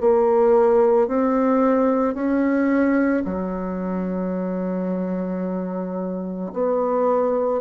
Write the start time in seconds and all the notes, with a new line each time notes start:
0.00 A#3
1.07 C4
2.14 C#4
3.24 F#3
6.53 B3